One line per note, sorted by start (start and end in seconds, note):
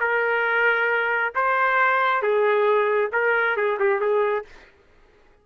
0.00 1.33 A#4
1.35 2.22 C5
2.22 3.11 G#4
3.12 3.57 A#4
3.57 3.79 G#4
3.79 4.01 G4
4.01 4.45 G#4